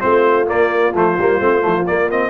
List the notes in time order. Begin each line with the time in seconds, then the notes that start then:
0.00 A3 C4 F4 C5
0.47 A#3 D5
0.95 F3 A3 C5
1.19 G3 A#3
1.41 A3 C4
1.62 F3 A3
1.87 A#3 D5
2.10 C4 D#5